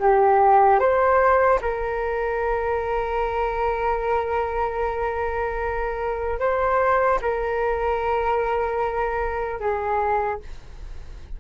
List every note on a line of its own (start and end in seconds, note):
0.00 0.80 G4
0.80 1.60 C5
1.61 6.40 A#4
6.40 7.20 C5
7.21 9.60 A#4
9.60 10.40 G#4